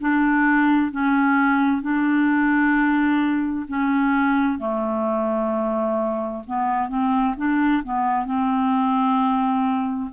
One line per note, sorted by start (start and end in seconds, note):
0.00 0.91 D4
0.91 1.82 C#4
1.82 3.66 D4
3.68 4.59 C#4
4.59 6.43 A3
6.46 6.89 B3
6.89 7.35 C4
7.37 7.83 D4
7.84 8.25 B3
8.25 10.10 C4